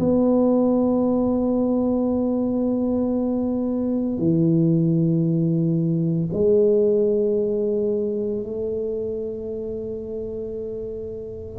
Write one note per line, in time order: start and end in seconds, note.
0.00 4.18 B3
4.18 6.29 E3
6.33 8.44 G#3
8.44 11.59 A3